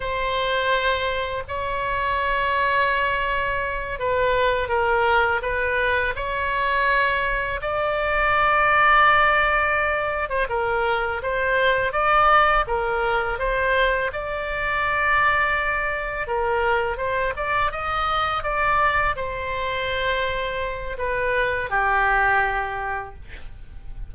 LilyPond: \new Staff \with { instrumentName = "oboe" } { \time 4/4 \tempo 4 = 83 c''2 cis''2~ | cis''4. b'4 ais'4 b'8~ | b'8 cis''2 d''4.~ | d''2~ d''16 c''16 ais'4 c''8~ |
c''8 d''4 ais'4 c''4 d''8~ | d''2~ d''8 ais'4 c''8 | d''8 dis''4 d''4 c''4.~ | c''4 b'4 g'2 | }